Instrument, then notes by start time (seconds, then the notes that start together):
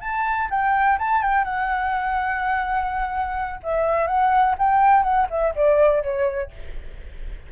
flute
0.00 A5
0.50 G5
0.98 A5
1.22 G5
1.44 F#5
3.63 E5
4.07 F#5
4.58 G5
5.03 F#5
5.30 E5
5.55 D5
6.03 C#5